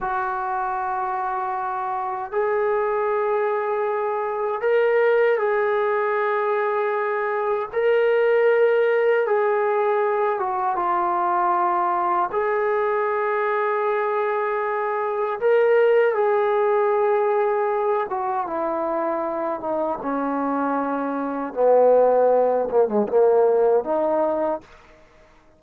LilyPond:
\new Staff \with { instrumentName = "trombone" } { \time 4/4 \tempo 4 = 78 fis'2. gis'4~ | gis'2 ais'4 gis'4~ | gis'2 ais'2 | gis'4. fis'8 f'2 |
gis'1 | ais'4 gis'2~ gis'8 fis'8 | e'4. dis'8 cis'2 | b4. ais16 gis16 ais4 dis'4 | }